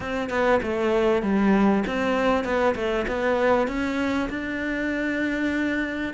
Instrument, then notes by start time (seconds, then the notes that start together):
cello
0.00 C4
0.29 B3
0.62 A3
1.22 G3
1.86 C4
2.44 B3
2.75 A3
3.07 B3
3.67 C#4
4.29 D4